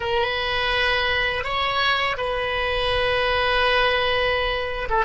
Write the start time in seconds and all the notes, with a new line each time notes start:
0.00 B4
1.44 C#5
2.17 B4
4.89 A4